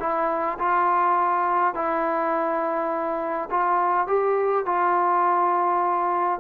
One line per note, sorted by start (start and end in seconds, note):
0.00 0.58 E4
0.59 1.74 F4
1.74 3.49 E4
3.50 4.07 F4
4.07 4.65 G4
4.65 6.40 F4